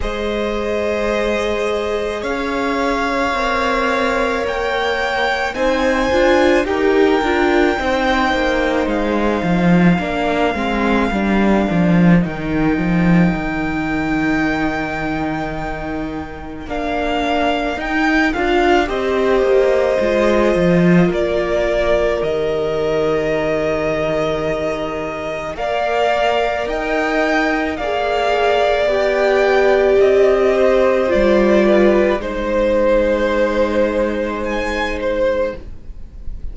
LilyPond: <<
  \new Staff \with { instrumentName = "violin" } { \time 4/4 \tempo 4 = 54 dis''2 f''2 | g''4 gis''4 g''2 | f''2. g''4~ | g''2. f''4 |
g''8 f''8 dis''2 d''4 | dis''2. f''4 | g''4 f''4 g''4 dis''4 | d''4 c''2 gis''8 c''8 | }
  \new Staff \with { instrumentName = "violin" } { \time 4/4 c''2 cis''2~ | cis''4 c''4 ais'4 c''4~ | c''4 ais'2.~ | ais'1~ |
ais'4 c''2 ais'4~ | ais'2. d''4 | dis''4 d''2~ d''8 c''8~ | c''8 b'8 c''2. | }
  \new Staff \with { instrumentName = "viola" } { \time 4/4 gis'2. ais'4~ | ais'4 dis'8 f'8 g'8 f'8 dis'4~ | dis'4 d'8 c'8 d'4 dis'4~ | dis'2. d'4 |
dis'8 f'8 g'4 f'2 | g'2. ais'4~ | ais'4 gis'4 g'2 | f'4 dis'2. | }
  \new Staff \with { instrumentName = "cello" } { \time 4/4 gis2 cis'4 c'4 | ais4 c'8 d'8 dis'8 d'8 c'8 ais8 | gis8 f8 ais8 gis8 g8 f8 dis8 f8 | dis2. ais4 |
dis'8 d'8 c'8 ais8 gis8 f8 ais4 | dis2. ais4 | dis'4 ais4 b4 c'4 | g4 gis2. | }
>>